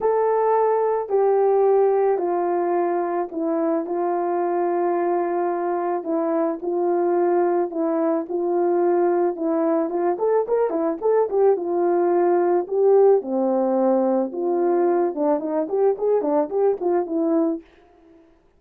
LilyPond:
\new Staff \with { instrumentName = "horn" } { \time 4/4 \tempo 4 = 109 a'2 g'2 | f'2 e'4 f'4~ | f'2. e'4 | f'2 e'4 f'4~ |
f'4 e'4 f'8 a'8 ais'8 e'8 | a'8 g'8 f'2 g'4 | c'2 f'4. d'8 | dis'8 g'8 gis'8 d'8 g'8 f'8 e'4 | }